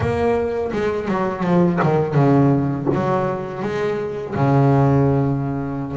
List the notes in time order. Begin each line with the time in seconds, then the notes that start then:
0.00 A#3
0.72 G#3
1.08 F#3
1.43 F3
1.82 D#3
2.14 C#3
2.94 F#3
3.62 G#3
4.34 C#3